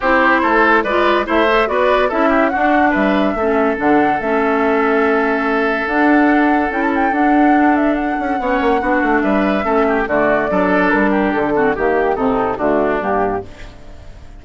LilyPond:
<<
  \new Staff \with { instrumentName = "flute" } { \time 4/4 \tempo 4 = 143 c''2 d''4 e''4 | d''4 e''4 fis''4 e''4~ | e''4 fis''4 e''2~ | e''2 fis''2 |
g''16 a''16 g''8 fis''4. e''8 fis''4~ | fis''2 e''2 | d''2 ais'4 a'4 | g'4 a'4 fis'4 g'4 | }
  \new Staff \with { instrumentName = "oboe" } { \time 4/4 g'4 a'4 b'4 c''4 | b'4 a'8 g'8 fis'4 b'4 | a'1~ | a'1~ |
a'1 | cis''4 fis'4 b'4 a'8 g'8 | fis'4 a'4. g'4 fis'8 | g'4 dis'4 d'2 | }
  \new Staff \with { instrumentName = "clarinet" } { \time 4/4 e'2 f'4 e'8 a'8 | fis'4 e'4 d'2 | cis'4 d'4 cis'2~ | cis'2 d'2 |
e'4 d'2. | cis'4 d'2 cis'4 | a4 d'2~ d'8 c'8 | ais4 c'4 a4 ais4 | }
  \new Staff \with { instrumentName = "bassoon" } { \time 4/4 c'4 a4 gis4 a4 | b4 cis'4 d'4 g4 | a4 d4 a2~ | a2 d'2 |
cis'4 d'2~ d'8 cis'8 | b8 ais8 b8 a8 g4 a4 | d4 fis4 g4 d4 | dis4 c4 d4 g,4 | }
>>